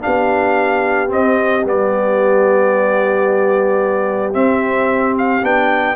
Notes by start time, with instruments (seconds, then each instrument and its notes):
0.00 trombone D4, horn G4, trumpet F5
0.06 tuba B3
1.08 trombone C4, tuba C4, trumpet D#5
1.65 tuba G3, trombone B3, trumpet D5
4.34 trombone C4, tuba C4, trumpet E5
5.18 trumpet F5
5.42 tuba B3, trombone D4, trumpet G5